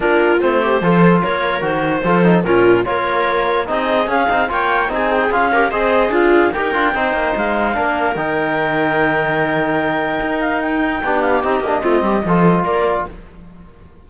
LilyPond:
<<
  \new Staff \with { instrumentName = "clarinet" } { \time 4/4 \tempo 4 = 147 ais'4 c''2 cis''4 | c''2 ais'4 cis''4~ | cis''4 dis''4 f''4 g''4 | gis''8 g''8 f''4 dis''4 f''4 |
g''2 f''2 | g''1~ | g''4. f''8 g''4. f''8 | dis''2. d''4 | }
  \new Staff \with { instrumentName = "viola" } { \time 4/4 f'4. g'8 a'4 ais'4~ | ais'4 a'4 f'4 ais'4~ | ais'4 gis'2 cis''4 | gis'4. ais'8 c''4 f'4 |
ais'4 c''2 ais'4~ | ais'1~ | ais'2. g'4~ | g'4 f'8 g'8 a'4 ais'4 | }
  \new Staff \with { instrumentName = "trombone" } { \time 4/4 d'4 c'4 f'2 | fis'4 f'8 dis'8 cis'4 f'4~ | f'4 dis'4 cis'8 dis'8 f'4 | dis'4 f'8 g'8 gis'2 |
g'8 f'8 dis'2 d'4 | dis'1~ | dis'2. d'4 | dis'8 d'8 c'4 f'2 | }
  \new Staff \with { instrumentName = "cello" } { \time 4/4 ais4 a4 f4 ais4 | dis4 f4 ais,4 ais4~ | ais4 c'4 cis'8 c'8 ais4 | c'4 cis'4 c'4 d'4 |
dis'8 d'8 c'8 ais8 gis4 ais4 | dis1~ | dis4 dis'2 b4 | c'8 ais8 a8 g8 f4 ais4 | }
>>